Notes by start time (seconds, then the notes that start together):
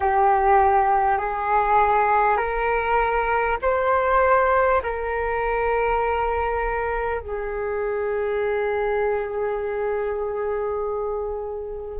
0.00 G4
1.17 G#4
2.37 A#4
3.62 C5
4.82 A#4
7.20 G#4